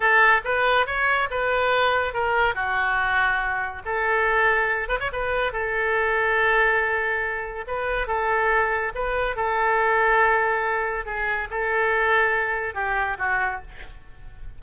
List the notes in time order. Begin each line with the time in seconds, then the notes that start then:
0.00 A4
0.44 B4
0.86 C#5
1.30 B4
2.13 A#4
2.54 F#4
3.85 A4
4.88 B4
5.00 C#5
5.12 B4
5.52 A4
7.67 B4
8.07 A4
8.94 B4
9.36 A4
11.05 G#4
11.50 A4
12.74 G4
13.18 F#4